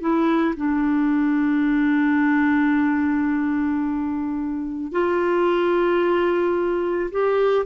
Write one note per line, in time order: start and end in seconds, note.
0.00 0.55 E4
0.56 4.92 D4
4.92 7.10 F4
7.11 7.65 G4